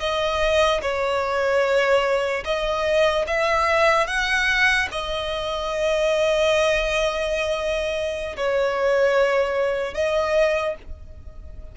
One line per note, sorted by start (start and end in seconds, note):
0.00 0.81 D#5
0.82 2.44 C#5
2.45 3.26 D#5
3.27 4.07 E5
4.07 4.88 F#5
4.92 8.36 D#5
8.37 9.94 C#5
9.94 10.75 D#5